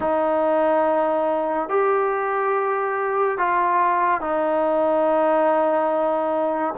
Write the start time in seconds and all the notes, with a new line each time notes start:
0.00 D#4
1.69 G4
3.38 F4
4.21 D#4